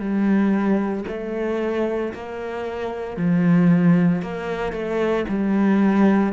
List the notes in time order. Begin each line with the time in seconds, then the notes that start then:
0.00 G3
1.08 A3
2.14 A#3
3.17 F3
4.22 A#3
4.73 A3
5.29 G3